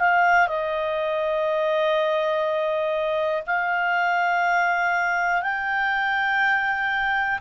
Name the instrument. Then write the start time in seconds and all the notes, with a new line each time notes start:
clarinet
0.00 F5
0.48 D#5
3.47 F5
5.42 G5